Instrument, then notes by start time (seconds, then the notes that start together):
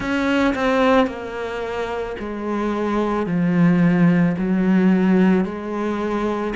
cello
0.00 C#4
0.55 C4
1.06 A#3
2.19 G#3
3.26 F3
4.37 F#3
5.44 G#3